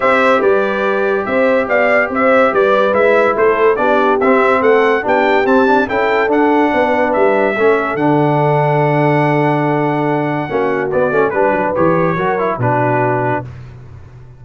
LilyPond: <<
  \new Staff \with { instrumentName = "trumpet" } { \time 4/4 \tempo 4 = 143 e''4 d''2 e''4 | f''4 e''4 d''4 e''4 | c''4 d''4 e''4 fis''4 | g''4 a''4 g''4 fis''4~ |
fis''4 e''2 fis''4~ | fis''1~ | fis''2 d''4 b'4 | cis''2 b'2 | }
  \new Staff \with { instrumentName = "horn" } { \time 4/4 c''4 b'2 c''4 | d''4 c''4 b'2 | a'4 g'2 a'4 | g'2 a'2 |
b'2 a'2~ | a'1~ | a'4 fis'2 b'4~ | b'4 ais'4 fis'2 | }
  \new Staff \with { instrumentName = "trombone" } { \time 4/4 g'1~ | g'2. e'4~ | e'4 d'4 c'2 | d'4 c'8 d'8 e'4 d'4~ |
d'2 cis'4 d'4~ | d'1~ | d'4 cis'4 b8 cis'8 d'4 | g'4 fis'8 e'8 d'2 | }
  \new Staff \with { instrumentName = "tuba" } { \time 4/4 c'4 g2 c'4 | b4 c'4 g4 gis4 | a4 b4 c'4 a4 | b4 c'4 cis'4 d'4 |
b4 g4 a4 d4~ | d1~ | d4 ais4 b8 a8 g8 fis8 | e4 fis4 b,2 | }
>>